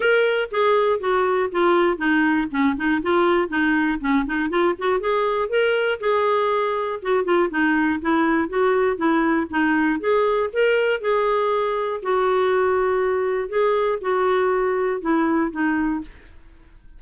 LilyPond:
\new Staff \with { instrumentName = "clarinet" } { \time 4/4 \tempo 4 = 120 ais'4 gis'4 fis'4 f'4 | dis'4 cis'8 dis'8 f'4 dis'4 | cis'8 dis'8 f'8 fis'8 gis'4 ais'4 | gis'2 fis'8 f'8 dis'4 |
e'4 fis'4 e'4 dis'4 | gis'4 ais'4 gis'2 | fis'2. gis'4 | fis'2 e'4 dis'4 | }